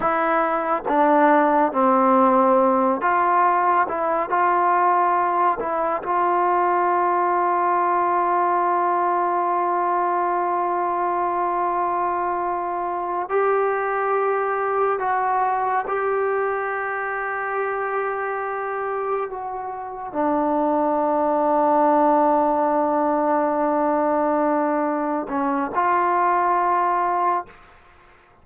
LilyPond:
\new Staff \with { instrumentName = "trombone" } { \time 4/4 \tempo 4 = 70 e'4 d'4 c'4. f'8~ | f'8 e'8 f'4. e'8 f'4~ | f'1~ | f'2.~ f'8 g'8~ |
g'4. fis'4 g'4.~ | g'2~ g'8 fis'4 d'8~ | d'1~ | d'4. cis'8 f'2 | }